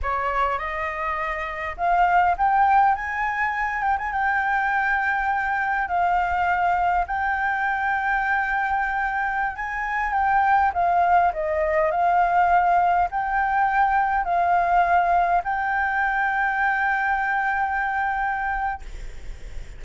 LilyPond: \new Staff \with { instrumentName = "flute" } { \time 4/4 \tempo 4 = 102 cis''4 dis''2 f''4 | g''4 gis''4. g''16 gis''16 g''4~ | g''2 f''2 | g''1~ |
g''16 gis''4 g''4 f''4 dis''8.~ | dis''16 f''2 g''4.~ g''16~ | g''16 f''2 g''4.~ g''16~ | g''1 | }